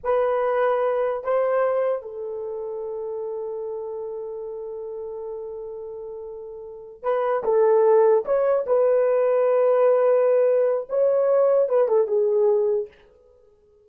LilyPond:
\new Staff \with { instrumentName = "horn" } { \time 4/4 \tempo 4 = 149 b'2. c''4~ | c''4 a'2.~ | a'1~ | a'1~ |
a'4. b'4 a'4.~ | a'8 cis''4 b'2~ b'8~ | b'2. cis''4~ | cis''4 b'8 a'8 gis'2 | }